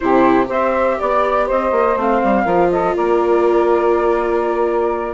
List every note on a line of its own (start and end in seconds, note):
0.00 0.49 C3
0.00 0.45 E4
0.00 0.47 G4
0.00 0.46 C5
0.45 0.98 C4
0.45 1.93 G4
0.45 0.96 C5
0.45 0.99 E5
0.99 1.50 B3
0.99 1.48 D5
0.99 1.46 D5
1.46 1.71 C4
1.46 2.43 C5
1.46 1.98 D#5
1.71 1.96 A#3
1.96 2.21 A3
1.96 2.46 C4
1.96 2.70 F5
2.23 2.45 G3
2.43 2.94 F3
2.43 5.14 F4
2.43 2.68 A#4
2.70 2.95 A4
2.70 2.95 D#5
2.95 5.14 A#3
2.95 5.14 A#4
2.95 5.14 D5